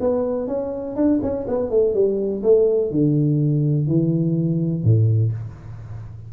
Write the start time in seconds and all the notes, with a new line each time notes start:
0.00 B3
0.47 C#4
0.96 D4
1.22 C#4
1.48 B3
1.70 A3
1.94 G3
2.43 A3
2.91 D3
3.87 E3
4.84 A2